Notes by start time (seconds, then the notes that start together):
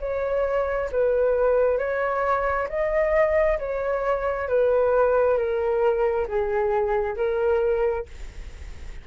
0.00 C#5
0.92 B4
1.78 C#5
2.69 D#5
3.59 C#5
4.48 B4
5.37 A#4
6.27 G#4
7.16 A#4